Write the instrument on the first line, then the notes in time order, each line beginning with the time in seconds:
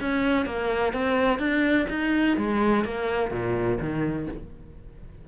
cello
0.00 C#4
0.45 A#3
0.93 C4
1.39 D4
1.89 D#4
2.37 G#3
2.84 A#3
3.31 A#2
3.80 D#3